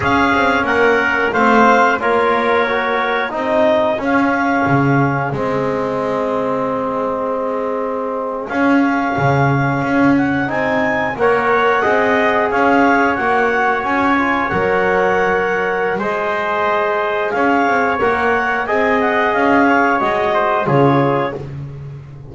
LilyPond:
<<
  \new Staff \with { instrumentName = "clarinet" } { \time 4/4 \tempo 4 = 90 f''4 fis''4 f''4 cis''4~ | cis''4 dis''4 f''2 | dis''1~ | dis''8. f''2~ f''8 fis''8 gis''16~ |
gis''8. fis''2 f''4 fis''16~ | fis''8. gis''4 fis''2~ fis''16 | dis''2 f''4 fis''4 | gis''8 fis''8 f''4 dis''4 cis''4 | }
  \new Staff \with { instrumentName = "trumpet" } { \time 4/4 gis'4 ais'4 c''4 ais'4~ | ais'4 gis'2.~ | gis'1~ | gis'1~ |
gis'8. cis''4 dis''4 cis''4~ cis''16~ | cis''1 | c''2 cis''2 | dis''4. cis''4 c''8 gis'4 | }
  \new Staff \with { instrumentName = "trombone" } { \time 4/4 cis'2 c'4 f'4 | fis'4 dis'4 cis'2 | c'1~ | c'8. cis'2. dis'16~ |
dis'8. ais'4 gis'2 fis'16~ | fis'4~ fis'16 f'8 ais'2~ ais'16 | gis'2. ais'4 | gis'2 fis'4 f'4 | }
  \new Staff \with { instrumentName = "double bass" } { \time 4/4 cis'8 c'8 ais4 a4 ais4~ | ais4 c'4 cis'4 cis4 | gis1~ | gis8. cis'4 cis4 cis'4 c'16~ |
c'8. ais4 c'4 cis'4 ais16~ | ais8. cis'4 fis2~ fis16 | gis2 cis'8 c'8 ais4 | c'4 cis'4 gis4 cis4 | }
>>